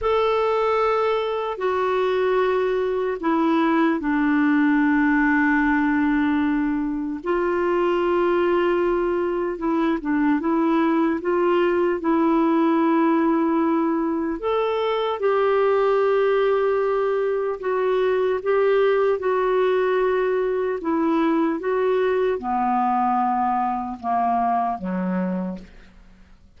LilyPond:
\new Staff \with { instrumentName = "clarinet" } { \time 4/4 \tempo 4 = 75 a'2 fis'2 | e'4 d'2.~ | d'4 f'2. | e'8 d'8 e'4 f'4 e'4~ |
e'2 a'4 g'4~ | g'2 fis'4 g'4 | fis'2 e'4 fis'4 | b2 ais4 fis4 | }